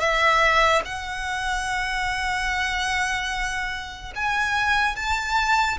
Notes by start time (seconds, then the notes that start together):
0.00 E5
0.85 F#5
4.15 G#5
4.96 A5